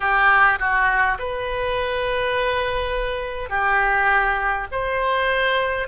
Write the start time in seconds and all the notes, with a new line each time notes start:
0.00 G4
0.59 F#4
1.18 B4
3.49 G4
4.71 C5